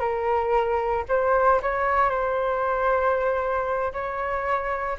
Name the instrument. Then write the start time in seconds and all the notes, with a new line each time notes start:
flute
0.00 A#4
1.09 C5
1.62 C#5
2.10 C5
3.93 C#5